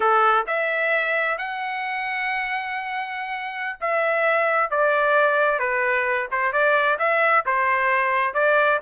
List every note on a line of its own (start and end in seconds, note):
0.00 0.46 A4
0.46 1.37 E5
1.37 3.78 F#5
3.80 4.70 E5
4.70 5.59 D5
5.59 6.27 B4
6.31 6.52 C5
6.52 6.98 D5
6.98 7.44 E5
7.45 8.34 C5
8.34 8.80 D5